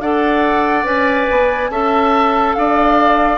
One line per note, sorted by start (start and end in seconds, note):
0.00 0.85 D4
0.00 0.85 A4
0.00 1.71 D5
0.00 0.85 F#5
0.85 1.27 C#4
0.85 1.69 B4
0.85 1.70 G#5
1.30 1.69 B3
1.69 2.54 C#4
1.69 3.37 A4
1.69 2.56 E5
1.69 2.54 A5
2.54 3.37 D4
2.54 3.37 D5
2.54 3.37 F5